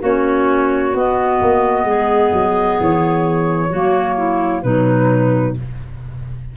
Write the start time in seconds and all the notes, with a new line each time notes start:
0.00 A#3 C#4 F#4 C#5
0.93 B3 D#5
1.41 A#3
1.84 G#3 G#4
2.32 F#3
2.80 E3 C#5
3.70 F#3 A#3 F#4
4.16 E4
4.63 B2 F#3 D#4 B4